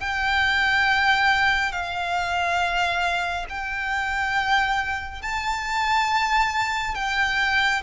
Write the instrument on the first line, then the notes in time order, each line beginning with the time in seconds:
violin
0.00 G5
1.72 F5
3.49 G5
5.22 A5
6.95 G5